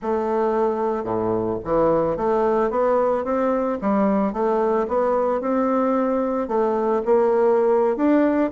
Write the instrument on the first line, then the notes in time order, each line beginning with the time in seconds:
bassoon
0.01 A3
1.04 A2
1.64 E3
2.16 A3
2.70 B3
3.24 C4
3.81 G3
4.32 A3
4.88 B3
5.40 C4
6.47 A3
7.05 A#3
7.96 D4